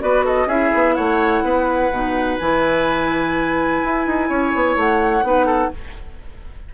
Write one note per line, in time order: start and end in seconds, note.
0.00 0.46 B3
0.00 0.48 F#4
0.00 0.25 B4
0.00 0.25 D5
0.25 0.47 A4
0.25 0.49 D#5
0.46 0.70 C#4
0.46 1.92 E4
0.46 0.95 G#4
0.46 0.94 E5
0.74 0.98 B3
0.94 1.43 A3
0.94 1.44 C#5
0.94 2.37 F#5
1.43 1.91 B3
1.43 4.29 B4
1.91 2.38 B2
1.91 2.40 D#4
2.39 3.83 E3
2.39 5.23 E4
2.39 4.77 G#5
3.83 4.06 E4
4.06 4.29 D#4
4.29 4.53 C#4
4.29 5.24 C#5
4.55 4.76 B3
4.76 5.23 A3
4.76 5.74 F#5
5.23 5.70 B3
5.23 5.71 D#4
5.23 5.46 B4
5.46 5.70 A4